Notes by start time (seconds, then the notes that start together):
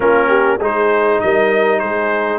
0.00 A#3 C#4 F4 A#4
0.28 G4
0.58 G#3 D#4 G#4 C5
1.21 G3 A#4 D#5
1.79 G#3 G#4 C5